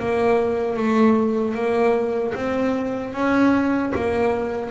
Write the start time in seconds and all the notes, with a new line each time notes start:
0.00 A#3
0.77 A3
1.55 A#3
2.35 C4
3.14 C#4
3.95 A#3